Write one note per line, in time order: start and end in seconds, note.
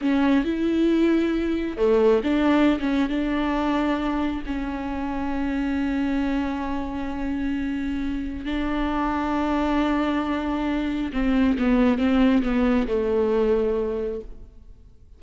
0.01 0.44 C#4
0.44 1.77 E4
1.77 2.21 A3
2.23 2.79 D4
2.80 3.09 C#4
3.09 4.42 D4
4.45 8.45 C#4
8.45 11.12 D4
11.12 11.57 C4
11.58 11.98 B3
11.98 12.42 C4
12.42 12.87 B3
12.87 14.21 A3